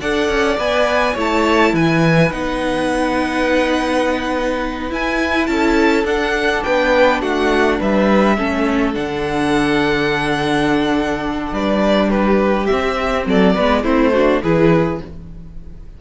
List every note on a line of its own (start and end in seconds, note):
0.00 0.29 D4
0.00 0.58 A4
0.00 1.14 D5
0.00 0.58 F#5
0.29 0.57 C#4
0.58 1.15 B3
0.58 1.16 B4
0.58 1.17 G#5
1.14 1.74 A3
1.14 2.31 E4
1.14 1.71 C#5
1.20 1.75 A5
1.74 2.31 E3
1.74 5.50 B4
1.74 2.32 G#5
2.31 4.91 B3
2.31 4.90 D#4
2.31 4.92 F#5
4.90 6.05 E4
4.90 5.48 E4
4.90 5.47 G#5
5.47 6.04 C#4
5.47 6.65 A4
5.47 6.04 A5
6.04 6.62 D4
6.04 8.36 D4
6.04 6.63 F#5
6.63 7.22 B3
6.63 7.22 B4
6.63 7.21 G5
7.22 7.80 A3
7.22 7.79 F#4
7.22 7.80 F#5
7.79 8.38 G3
7.79 8.37 B4
7.79 8.94 E5
8.37 8.96 A3
8.37 8.94 C#4
8.37 11.53 A4
8.94 11.53 D3
8.94 12.69 D4
8.94 11.54 F#5
11.53 12.68 G3
11.53 12.10 B4
11.53 12.10 D5
12.10 13.25 G4
12.10 12.67 B4
12.67 13.57 C4
12.67 13.24 E5
12.73 13.26 C4
13.26 13.55 F#3
13.26 13.54 A4
13.26 13.84 D5
13.54 13.84 G#3
13.54 13.84 B3
13.54 13.83 B4
13.84 14.42 A3
13.84 14.13 C4
13.84 14.12 E4
13.84 14.41 C5
14.13 14.44 D4
14.13 14.42 F#4
14.43 15.02 E3
14.43 15.01 E4
14.43 15.00 G#4
14.43 15.01 B4